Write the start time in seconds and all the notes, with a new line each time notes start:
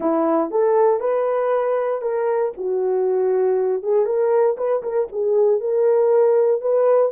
0.00 E4
0.50 A4
1.00 B4
2.01 A#4
2.57 F#4
3.82 G#4
4.05 A#4
4.57 B4
4.82 A#4
5.12 G#4
5.60 A#4
6.61 B4